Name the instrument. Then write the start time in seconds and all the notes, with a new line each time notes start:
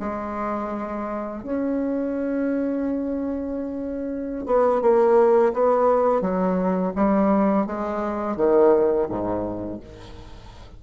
bassoon
0.00 G#3
1.43 C#4
4.46 B3
4.82 A#3
5.54 B3
6.22 F#3
6.96 G3
7.67 G#3
8.37 D#3
9.09 G#2